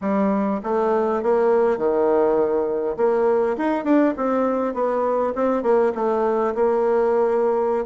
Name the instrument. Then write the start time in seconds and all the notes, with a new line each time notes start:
bassoon
0.01 G3
0.63 A3
1.22 A#3
1.77 D#3
2.96 A#3
3.57 D#4
3.84 D4
4.16 C4
4.74 B3
5.35 C4
5.62 A#3
5.94 A3
6.54 A#3